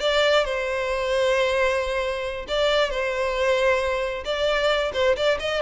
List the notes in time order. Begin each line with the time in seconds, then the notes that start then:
0.00 D5
0.45 C5
2.48 D5
2.90 C5
4.25 D5
4.94 C5
5.16 D5
5.40 D#5